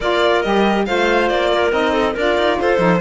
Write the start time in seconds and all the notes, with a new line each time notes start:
0.00 A#3 F4 A#4 D5
0.41 G3 G4 D#5
0.85 A3 F4 C5 F5
1.28 A#3 D5
1.52 A#4
1.70 C4 D#4 D#5
1.92 A4
2.13 D4 F4 A#4 D5
2.37 D#4
2.59 F4 A4 C5
2.77 F3 D#4